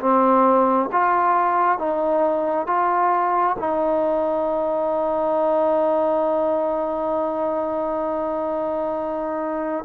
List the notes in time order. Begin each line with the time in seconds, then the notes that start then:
0.00 C4
0.92 F4
1.78 D#4
2.67 F4
3.59 D#4